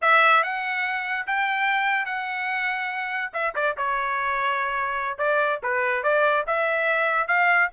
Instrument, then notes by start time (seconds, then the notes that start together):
trumpet
0.01 E5
0.43 F#5
1.26 G5
2.05 F#5
3.33 E5
3.55 D5
3.77 C#5
5.18 D5
5.62 B4
6.03 D5
6.46 E5
7.27 F5